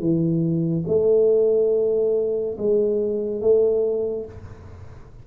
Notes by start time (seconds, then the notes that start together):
0.00 E3
0.88 A3
2.58 G#3
3.41 A3